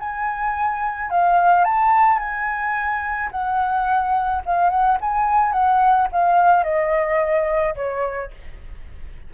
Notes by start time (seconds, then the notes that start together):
0.00 G#5
1.11 F5
1.65 A5
2.19 G#5
3.32 F#5
4.46 F5
4.70 F#5
5.01 G#5
5.53 F#5
6.12 F5
6.64 D#5
7.76 C#5